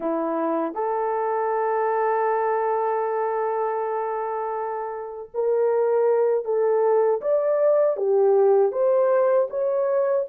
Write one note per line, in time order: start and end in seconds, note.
0.00 0.74 E4
0.74 5.30 A4
5.34 6.44 A#4
6.44 7.20 A4
7.21 7.96 D5
7.96 8.71 G4
8.71 9.47 C5
9.50 10.26 C#5